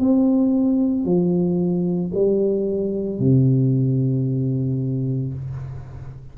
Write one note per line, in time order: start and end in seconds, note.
0.00 1.05 C4
1.05 2.12 F3
2.14 3.19 G3
3.19 5.34 C3